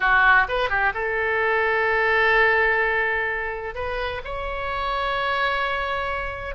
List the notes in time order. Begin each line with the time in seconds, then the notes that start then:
0.00 F#4
0.48 B4
0.69 G4
0.94 A4
3.74 B4
4.24 C#5